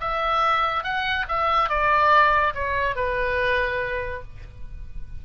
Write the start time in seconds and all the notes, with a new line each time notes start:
0.00 E5
0.83 F#5
1.28 E5
1.69 D5
2.54 C#5
2.95 B4